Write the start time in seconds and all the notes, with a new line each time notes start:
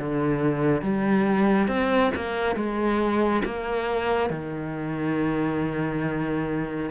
0.00 D3
0.82 G3
1.68 C4
2.16 A#3
2.56 G#3
3.45 A#3
4.30 D#3